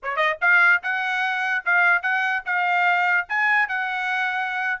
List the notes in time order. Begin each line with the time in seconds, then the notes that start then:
0.03 C#5
0.16 D#5
0.41 F5
0.82 F#5
1.65 F5
2.02 F#5
2.45 F5
3.29 G#5
3.68 F#5